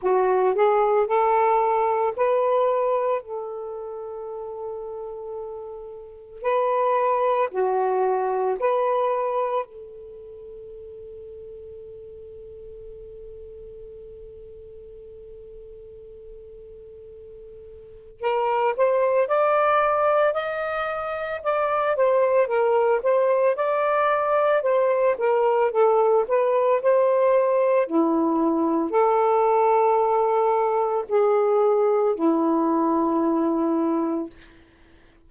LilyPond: \new Staff \with { instrumentName = "saxophone" } { \time 4/4 \tempo 4 = 56 fis'8 gis'8 a'4 b'4 a'4~ | a'2 b'4 fis'4 | b'4 a'2.~ | a'1~ |
a'4 ais'8 c''8 d''4 dis''4 | d''8 c''8 ais'8 c''8 d''4 c''8 ais'8 | a'8 b'8 c''4 e'4 a'4~ | a'4 gis'4 e'2 | }